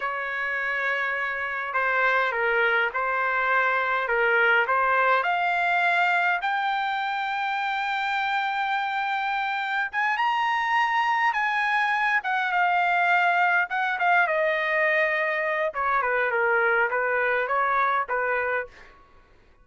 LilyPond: \new Staff \with { instrumentName = "trumpet" } { \time 4/4 \tempo 4 = 103 cis''2. c''4 | ais'4 c''2 ais'4 | c''4 f''2 g''4~ | g''1~ |
g''4 gis''8 ais''2 gis''8~ | gis''4 fis''8 f''2 fis''8 | f''8 dis''2~ dis''8 cis''8 b'8 | ais'4 b'4 cis''4 b'4 | }